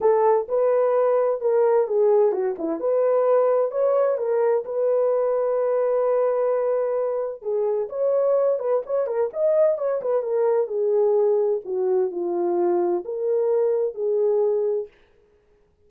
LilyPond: \new Staff \with { instrumentName = "horn" } { \time 4/4 \tempo 4 = 129 a'4 b'2 ais'4 | gis'4 fis'8 e'8 b'2 | cis''4 ais'4 b'2~ | b'1 |
gis'4 cis''4. b'8 cis''8 ais'8 | dis''4 cis''8 b'8 ais'4 gis'4~ | gis'4 fis'4 f'2 | ais'2 gis'2 | }